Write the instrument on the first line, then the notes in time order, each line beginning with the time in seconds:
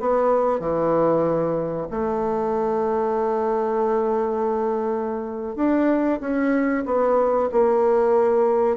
bassoon
0.00 B3
0.59 E3
1.91 A3
5.55 D4
6.20 C#4
6.85 B3
7.52 A#3